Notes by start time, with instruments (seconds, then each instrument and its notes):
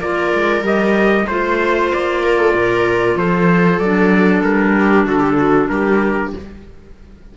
0.00 cello A#3, clarinet F4, viola A#4, trumpet D5
0.34 cello G#3
0.61 cello G3, clarinet G4, trumpet D#5
1.27 cello A3, clarinet F4, trumpet C5, viola C5
1.92 cello A#3, trumpet D5
2.23 viola A#4
2.38 viola A4
2.54 cello A#2, viola A#4
3.15 cello F3, viola A4, trumpet C5
3.79 cello F#3, clarinet D4, trumpet D5
4.43 cello G3, trumpet A#4
4.79 viola G4
5.05 cello D3, viola F#4, trumpet A4
5.19 viola G4
5.37 viola F#4
5.68 cello G3, viola G4, trumpet A#4